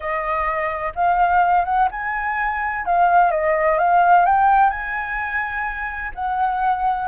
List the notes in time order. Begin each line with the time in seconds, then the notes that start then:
0.00 D#5
0.95 F5
1.64 F#5
1.91 G#5
2.85 F5
3.31 D#5
3.78 F5
4.25 G5
4.70 G#5
6.14 F#5